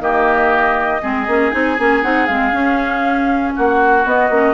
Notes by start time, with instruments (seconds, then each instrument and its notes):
0.00 bassoon D#3, clarinet A#3, oboe G4, flute D#5
1.02 bassoon G#3, clarinet C4, oboe G#4
1.27 bassoon A#3, clarinet C#4
1.52 bassoon C4, clarinet D#4, flute G#5
1.78 bassoon A#3, clarinet C#4
2.03 bassoon C4, clarinet D#4, flute F#5
2.27 bassoon G#3, clarinet C4, flute F5
2.52 bassoon C#4, clarinet C#4
3.55 bassoon A#3, oboe F#4, flute F#5
4.04 clarinet B3, bassoon B3, flute D#5
4.30 bassoon A#3, clarinet C#4